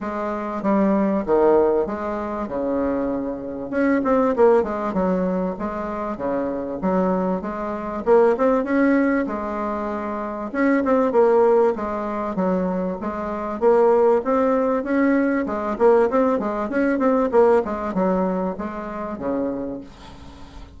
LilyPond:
\new Staff \with { instrumentName = "bassoon" } { \time 4/4 \tempo 4 = 97 gis4 g4 dis4 gis4 | cis2 cis'8 c'8 ais8 gis8 | fis4 gis4 cis4 fis4 | gis4 ais8 c'8 cis'4 gis4~ |
gis4 cis'8 c'8 ais4 gis4 | fis4 gis4 ais4 c'4 | cis'4 gis8 ais8 c'8 gis8 cis'8 c'8 | ais8 gis8 fis4 gis4 cis4 | }